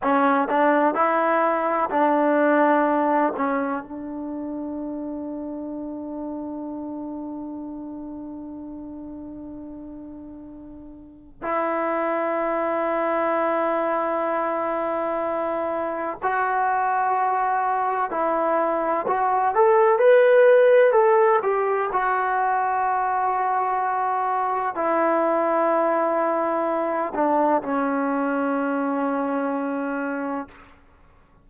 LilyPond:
\new Staff \with { instrumentName = "trombone" } { \time 4/4 \tempo 4 = 63 cis'8 d'8 e'4 d'4. cis'8 | d'1~ | d'1 | e'1~ |
e'4 fis'2 e'4 | fis'8 a'8 b'4 a'8 g'8 fis'4~ | fis'2 e'2~ | e'8 d'8 cis'2. | }